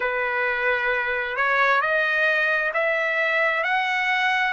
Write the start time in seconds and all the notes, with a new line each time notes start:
0.00 B4
1.36 C#5
1.81 D#5
2.73 E5
3.63 F#5